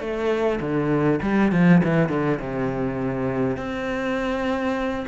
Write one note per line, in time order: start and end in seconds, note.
0.00 0.59 A3
0.60 1.20 D3
1.22 1.52 G3
1.52 1.81 F3
1.84 2.09 E3
2.09 2.39 D3
2.40 3.57 C3
3.57 5.05 C4